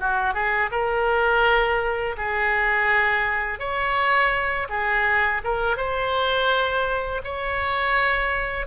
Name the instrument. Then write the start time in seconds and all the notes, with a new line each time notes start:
oboe
0.00 F#4
0.34 G#4
0.72 A#4
2.18 G#4
3.59 C#5
4.70 G#4
5.44 A#4
5.77 C5
7.24 C#5